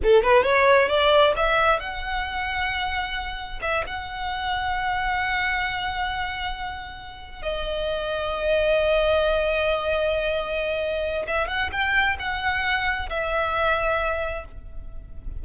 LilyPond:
\new Staff \with { instrumentName = "violin" } { \time 4/4 \tempo 4 = 133 a'8 b'8 cis''4 d''4 e''4 | fis''1 | e''8 fis''2.~ fis''8~ | fis''1~ |
fis''8 dis''2.~ dis''8~ | dis''1~ | dis''4 e''8 fis''8 g''4 fis''4~ | fis''4 e''2. | }